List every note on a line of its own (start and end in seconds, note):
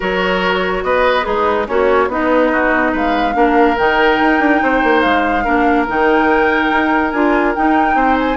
0.00 0.83 F#3
0.00 1.23 F#4
0.00 0.83 A#4
0.00 0.83 C#5
0.83 1.25 B3
0.83 1.26 B4
0.83 1.24 D#5
1.23 1.68 G#3
1.23 1.67 D#4
1.23 1.65 G#4
1.23 1.66 B4
1.67 2.08 A#3
1.67 2.08 C#4
1.67 2.10 F#4
1.67 2.10 C#5
2.08 2.92 B3
2.08 2.52 B3
2.08 3.33 D#4
2.08 2.95 D#5
2.52 2.92 F#4
2.92 3.35 G#3
2.92 3.34 B4
2.92 3.78 F5
3.33 3.77 A#3
3.33 3.75 D4
3.33 4.62 A#4
3.78 4.20 D#3
3.78 5.45 D#4
3.78 5.00 G5
4.20 4.39 D#4
4.39 4.60 D4
4.62 4.83 C4
4.62 5.44 C5
4.83 5.04 A#3
5.00 5.46 G#3
5.00 5.84 F5
5.44 5.88 A#3
5.44 5.87 D4
5.44 7.96 A#4
5.87 6.71 D#3
5.87 7.12 D#4
5.87 7.10 G5
6.71 7.13 D#4
7.10 7.55 D4
7.10 7.55 F4
7.10 7.52 G#5
7.55 8.36 D#4
7.55 7.95 D#4
7.55 8.18 G5
7.95 8.36 C4
7.95 8.36 C5
8.18 8.36 G#5